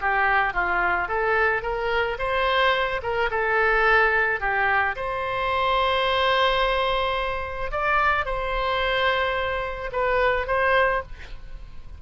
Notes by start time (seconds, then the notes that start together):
0.00 G4
0.53 F4
1.08 A4
1.62 A#4
2.18 C5
3.02 A#4
3.30 A4
4.40 G4
4.95 C5
7.71 D5
8.25 C5
9.92 B4
10.47 C5